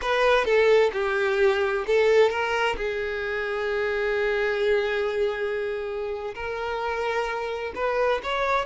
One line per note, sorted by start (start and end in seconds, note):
0.01 0.44 B4
0.44 0.90 A4
0.92 1.85 G4
1.87 2.30 A4
2.30 2.76 A#4
2.76 6.34 G#4
6.34 7.73 A#4
7.75 8.21 B4
8.23 8.65 C#5